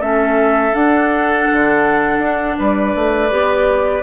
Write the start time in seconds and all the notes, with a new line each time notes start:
0.00 A3 C#4 A4 E5
0.73 D4 F#5
1.53 D3
2.19 D4
2.59 G3 B4 D5
2.95 A3
3.30 B3 G4